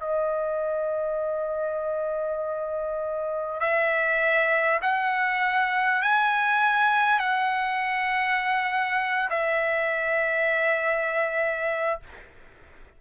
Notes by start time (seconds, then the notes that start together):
0.00 D#5
3.60 E5
4.82 F#5
6.02 G#5
7.19 F#5
9.30 E5